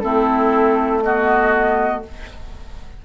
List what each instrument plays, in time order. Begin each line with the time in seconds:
0.00 bassoon A3, clarinet C4, oboe E4, flute A4
1.03 clarinet B3, oboe F#4, flute D#5